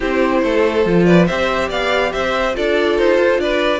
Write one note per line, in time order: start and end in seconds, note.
0.00 0.43 C4
0.00 0.84 E4
0.00 0.42 G4
0.00 1.04 C5
0.43 0.85 A3
0.43 1.06 A4
0.85 1.28 F3
0.85 1.28 F4
1.04 1.27 B4
1.04 1.26 D5
1.27 1.70 C4
1.27 2.53 G4
1.27 1.68 C5
1.27 1.69 E5
1.68 2.12 B3
1.68 2.11 D5
1.68 2.12 F5
2.12 2.56 C4
2.12 2.56 C5
2.12 2.54 E5
2.53 2.98 D4
2.53 3.79 F4
2.53 3.41 A4
2.53 2.98 D5
2.98 3.17 D#4
2.98 3.40 C5
3.17 3.37 F4
3.37 3.79 D4
3.37 3.79 B4
3.37 3.79 D5